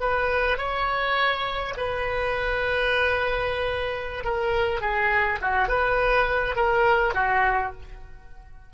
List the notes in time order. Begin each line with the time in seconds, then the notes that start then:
0.00 B4
0.57 C#5
1.77 B4
4.24 A#4
4.81 G#4
5.41 F#4
5.68 B4
6.56 A#4
7.14 F#4